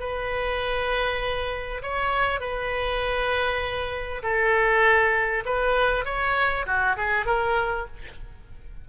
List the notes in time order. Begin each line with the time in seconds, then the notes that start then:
0.00 B4
1.82 C#5
2.40 B4
4.23 A4
5.45 B4
6.05 C#5
6.66 F#4
6.97 G#4
7.26 A#4